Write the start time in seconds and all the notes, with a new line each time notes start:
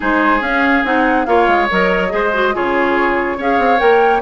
0.00 G#3 D#4 G#4 C5
0.40 C#4 F5
0.84 C4 D#4 F#5
1.25 A#3 F4 C#5 F5
1.47 G#3
1.70 F#3 A#4 D#5
2.09 G#3 G#4 C5
2.33 F#4
2.53 C#3 F4 G#4 C#5
3.37 C#4 G#4 C#5 F5
3.58 C4
3.77 A#3 A#4 G5